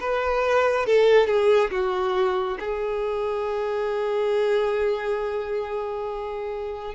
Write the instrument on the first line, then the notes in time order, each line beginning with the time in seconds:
violin
0.00 B4
0.86 A4
1.26 G#4
1.71 F#4
2.59 G#4